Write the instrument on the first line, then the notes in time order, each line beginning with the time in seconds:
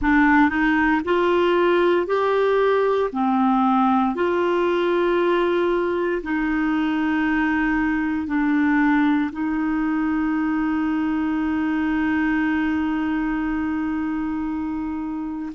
clarinet
0.01 D4
0.49 D#4
1.04 F4
2.06 G4
3.12 C4
4.15 F4
6.23 D#4
8.27 D4
9.32 D#4